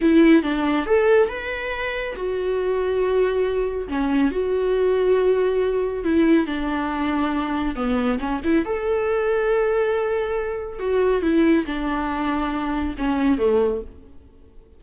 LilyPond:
\new Staff \with { instrumentName = "viola" } { \time 4/4 \tempo 4 = 139 e'4 d'4 a'4 b'4~ | b'4 fis'2.~ | fis'4 cis'4 fis'2~ | fis'2 e'4 d'4~ |
d'2 b4 cis'8 e'8 | a'1~ | a'4 fis'4 e'4 d'4~ | d'2 cis'4 a4 | }